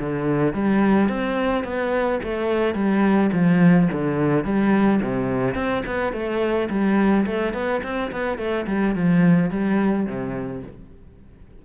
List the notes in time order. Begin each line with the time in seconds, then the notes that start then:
0.00 D3
0.54 G3
1.09 C4
1.64 B3
2.23 A3
2.75 G3
3.33 F3
3.92 D3
4.44 G3
5.02 C3
5.55 C4
5.86 B3
6.13 A3
6.70 G3
7.26 A3
7.54 B3
7.83 C4
8.12 B3
8.38 A3
8.67 G3
8.95 F3
9.50 G3
10.07 C3